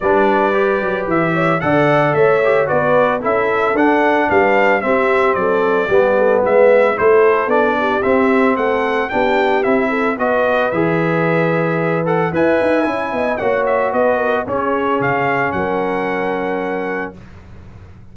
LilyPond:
<<
  \new Staff \with { instrumentName = "trumpet" } { \time 4/4 \tempo 4 = 112 d''2 e''4 fis''4 | e''4 d''4 e''4 fis''4 | f''4 e''4 d''2 | e''4 c''4 d''4 e''4 |
fis''4 g''4 e''4 dis''4 | e''2~ e''8 fis''8 gis''4~ | gis''4 fis''8 e''8 dis''4 cis''4 | f''4 fis''2. | }
  \new Staff \with { instrumentName = "horn" } { \time 4/4 b'2~ b'8 cis''8 d''4 | cis''4 b'4 a'2 | b'4 g'4 a'4 g'8 a'8 | b'4 a'4. g'4. |
a'4 g'4. a'8 b'4~ | b'2. e''4~ | e''8 dis''8 cis''4 b'8 ais'8 gis'4~ | gis'4 ais'2. | }
  \new Staff \with { instrumentName = "trombone" } { \time 4/4 d'4 g'2 a'4~ | a'8 g'8 fis'4 e'4 d'4~ | d'4 c'2 b4~ | b4 e'4 d'4 c'4~ |
c'4 d'4 e'4 fis'4 | gis'2~ gis'8 a'8 b'4 | e'4 fis'2 cis'4~ | cis'1 | }
  \new Staff \with { instrumentName = "tuba" } { \time 4/4 g4. fis8 e4 d4 | a4 b4 cis'4 d'4 | g4 c'4 fis4 g4 | gis4 a4 b4 c'4 |
a4 b4 c'4 b4 | e2. e'8 dis'8 | cis'8 b8 ais4 b4 cis'4 | cis4 fis2. | }
>>